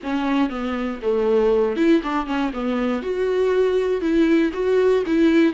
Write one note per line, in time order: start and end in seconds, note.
0.03 0.49 C#4
0.49 0.99 B3
1.02 1.76 A3
1.76 2.01 E4
2.03 2.26 D4
2.26 2.51 C#4
2.53 3.02 B3
3.02 4.01 F#4
4.01 4.51 E4
4.53 5.03 F#4
5.06 5.53 E4